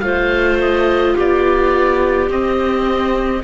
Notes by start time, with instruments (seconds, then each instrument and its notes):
0.00 cello A3, viola F4, clarinet C5, oboe F5
0.61 oboe D#5
1.15 cello B3, clarinet G4, oboe D5
2.29 viola C4, cello C4, oboe D#5